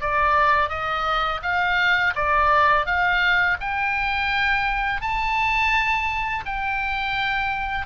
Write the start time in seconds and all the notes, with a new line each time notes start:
0.00 D5
0.69 D#5
1.42 F5
2.15 D5
2.85 F5
3.60 G5
5.01 A5
6.45 G5